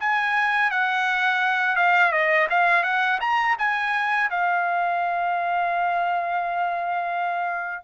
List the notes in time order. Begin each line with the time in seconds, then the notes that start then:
0.00 G#5
0.71 F#5
1.76 F5
2.12 D#5
2.50 F5
2.83 F#5
3.20 A#5
3.58 G#5
4.30 F5